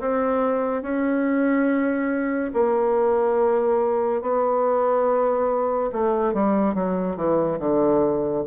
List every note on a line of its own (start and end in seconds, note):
0.00 0.83 C4
0.83 2.52 C#4
2.54 4.22 A#3
4.22 5.91 B3
5.93 6.33 A3
6.33 6.75 G3
6.75 7.16 F#3
7.16 7.59 E3
7.59 8.44 D3